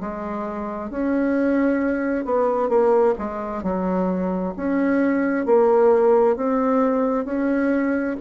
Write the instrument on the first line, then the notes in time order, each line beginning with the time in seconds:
bassoon
0.00 G#3
0.90 C#4
2.25 B3
2.69 A#3
3.18 G#3
3.63 F#3
4.57 C#4
5.46 A#3
6.36 C4
7.25 C#4